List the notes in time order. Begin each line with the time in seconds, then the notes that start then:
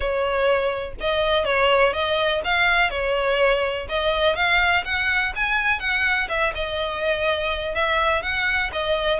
0.00 C#5
1.00 D#5
1.45 C#5
1.93 D#5
2.44 F5
2.90 C#5
3.88 D#5
4.35 F5
4.85 F#5
5.35 G#5
5.79 F#5
6.28 E5
6.54 D#5
7.74 E5
8.22 F#5
8.72 D#5